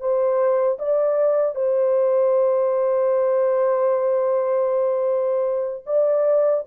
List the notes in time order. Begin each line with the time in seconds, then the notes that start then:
0.00 C5
0.79 D5
1.55 C5
5.86 D5